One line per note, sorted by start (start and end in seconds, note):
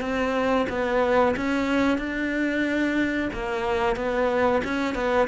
0.00 0.66 C4
0.69 1.35 B3
1.36 1.98 C#4
1.98 3.29 D4
3.33 3.96 A#3
3.96 4.62 B3
4.64 4.94 C#4
4.94 5.27 B3